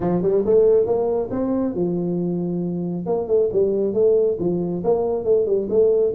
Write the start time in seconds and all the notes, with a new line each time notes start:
0.00 F3
0.22 G3
0.45 A3
0.86 A#3
1.31 C4
1.74 F3
3.06 A#3
3.27 A3
3.52 G3
3.93 A3
4.39 F3
4.84 A#3
5.24 A3
5.46 G3
5.69 A3